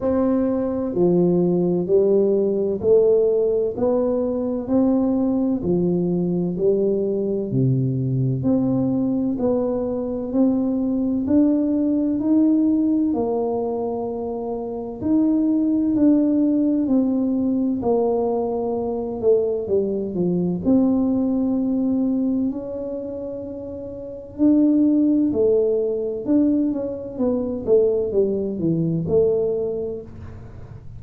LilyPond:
\new Staff \with { instrumentName = "tuba" } { \time 4/4 \tempo 4 = 64 c'4 f4 g4 a4 | b4 c'4 f4 g4 | c4 c'4 b4 c'4 | d'4 dis'4 ais2 |
dis'4 d'4 c'4 ais4~ | ais8 a8 g8 f8 c'2 | cis'2 d'4 a4 | d'8 cis'8 b8 a8 g8 e8 a4 | }